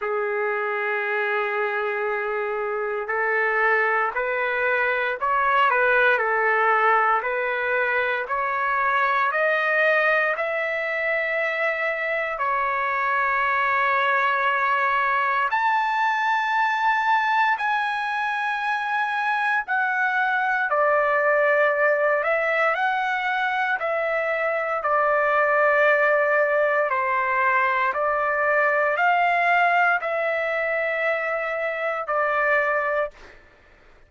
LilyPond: \new Staff \with { instrumentName = "trumpet" } { \time 4/4 \tempo 4 = 58 gis'2. a'4 | b'4 cis''8 b'8 a'4 b'4 | cis''4 dis''4 e''2 | cis''2. a''4~ |
a''4 gis''2 fis''4 | d''4. e''8 fis''4 e''4 | d''2 c''4 d''4 | f''4 e''2 d''4 | }